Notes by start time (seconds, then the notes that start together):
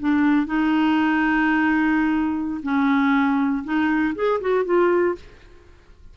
0.00 D4
0.47 D#4
2.63 C#4
3.64 D#4
4.15 G#4
4.41 F#4
4.65 F4